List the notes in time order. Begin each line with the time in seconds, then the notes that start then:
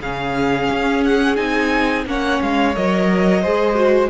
0.00 C#3 C#4 G#4 F5
0.71 C#4
1.05 F#5
1.36 C4 D#4 G#5
2.05 A#3 C#4 C#5 F#5
2.42 G#3 F5
2.75 F#3 A#4 D#5
3.42 G#3 G#4 C5
3.75 F#4